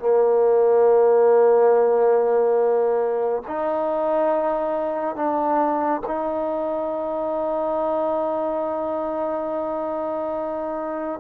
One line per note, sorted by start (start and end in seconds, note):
0.00 3.43 A#3
3.48 5.16 D#4
5.16 6.02 D4
6.07 11.21 D#4